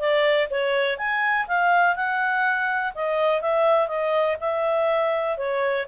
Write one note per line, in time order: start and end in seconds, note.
0.00 0.49 D5
0.51 0.98 C#5
0.98 1.47 G#5
1.48 1.96 F5
1.96 2.94 F#5
2.95 3.42 D#5
3.42 3.88 E5
3.88 4.37 D#5
4.41 5.38 E5
5.38 5.86 C#5